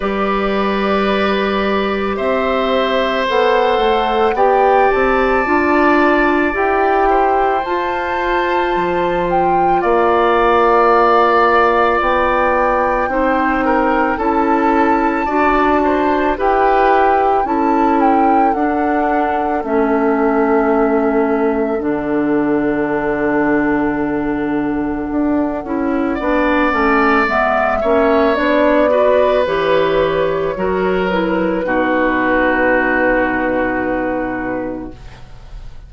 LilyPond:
<<
  \new Staff \with { instrumentName = "flute" } { \time 4/4 \tempo 4 = 55 d''2 e''4 fis''4 | g''8 a''4. g''4 a''4~ | a''8 g''8 f''2 g''4~ | g''4 a''2 g''4 |
a''8 g''8 fis''4 e''2 | fis''1~ | fis''4 e''4 d''4 cis''4~ | cis''8 b'2.~ b'8 | }
  \new Staff \with { instrumentName = "oboe" } { \time 4/4 b'2 c''2 | d''2~ d''8 c''4.~ | c''4 d''2. | c''8 ais'8 a'4 d''8 c''8 b'4 |
a'1~ | a'1 | d''4. cis''4 b'4. | ais'4 fis'2. | }
  \new Staff \with { instrumentName = "clarinet" } { \time 4/4 g'2. a'4 | g'4 f'4 g'4 f'4~ | f'1 | dis'4 e'4 fis'4 g'4 |
e'4 d'4 cis'2 | d'2.~ d'8 e'8 | d'8 cis'8 b8 cis'8 d'8 fis'8 g'4 | fis'8 e'8 dis'2. | }
  \new Staff \with { instrumentName = "bassoon" } { \time 4/4 g2 c'4 b8 a8 | b8 c'8 d'4 e'4 f'4 | f4 ais2 b4 | c'4 cis'4 d'4 e'4 |
cis'4 d'4 a2 | d2. d'8 cis'8 | b8 a8 gis8 ais8 b4 e4 | fis4 b,2. | }
>>